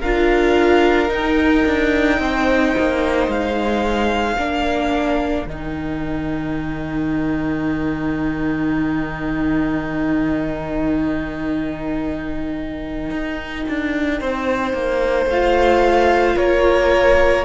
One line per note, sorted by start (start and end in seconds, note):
0.00 1.10 D4
0.00 1.08 F4
0.00 2.18 A#4
0.00 1.10 F5
1.08 4.36 D#4
1.08 1.65 D#4
1.08 3.30 G5
1.66 2.19 D4
2.19 2.74 C4
2.19 4.39 C5
2.79 3.28 A#3
3.28 4.37 G#3
3.28 5.48 F5
4.37 5.47 A#3
4.37 5.47 D4
4.37 14.21 A#4
5.47 13.11 D#3
5.47 15.30 D#4
5.47 15.30 G5
13.11 13.65 D#4
13.69 14.21 D4
14.21 14.74 C4
14.21 16.37 C5
14.74 15.26 A#3
15.26 16.35 A3
15.26 17.45 F4
15.26 16.38 F5
16.37 17.45 A#3
16.37 17.45 A#4
16.37 17.45 C#5